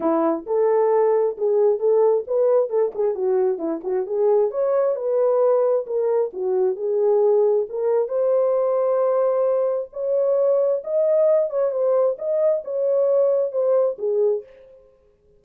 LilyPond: \new Staff \with { instrumentName = "horn" } { \time 4/4 \tempo 4 = 133 e'4 a'2 gis'4 | a'4 b'4 a'8 gis'8 fis'4 | e'8 fis'8 gis'4 cis''4 b'4~ | b'4 ais'4 fis'4 gis'4~ |
gis'4 ais'4 c''2~ | c''2 cis''2 | dis''4. cis''8 c''4 dis''4 | cis''2 c''4 gis'4 | }